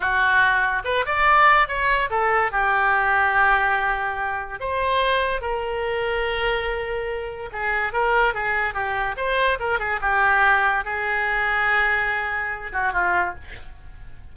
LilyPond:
\new Staff \with { instrumentName = "oboe" } { \time 4/4 \tempo 4 = 144 fis'2 b'8 d''4. | cis''4 a'4 g'2~ | g'2. c''4~ | c''4 ais'2.~ |
ais'2 gis'4 ais'4 | gis'4 g'4 c''4 ais'8 gis'8 | g'2 gis'2~ | gis'2~ gis'8 fis'8 f'4 | }